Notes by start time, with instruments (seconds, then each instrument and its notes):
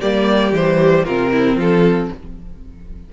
0.00 cello G3, viola A#3, violin G4 D5
0.52 cello E3, viola G3, violin C5
1.04 cello C3, viola C4, violin F4 A#4
1.32 violin E4
1.56 cello F3, violin F4 A4